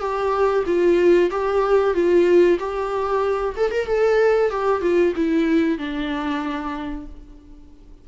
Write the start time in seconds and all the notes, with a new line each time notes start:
0.00 G4
0.66 F4
1.31 G4
1.94 F4
2.59 G4
3.57 A4
3.71 A#4
3.87 A4
4.50 G4
4.82 F4
5.16 E4
5.79 D4